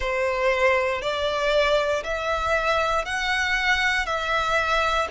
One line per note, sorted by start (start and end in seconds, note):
0.00 1.01 C5
1.01 2.03 D5
2.03 3.05 E5
3.05 4.05 F#5
4.05 5.07 E5